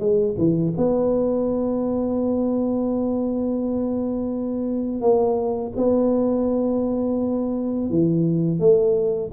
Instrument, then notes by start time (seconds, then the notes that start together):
tuba
0.00 G#3
0.38 E3
0.77 B3
5.02 A#3
5.77 B3
7.91 E3
8.60 A3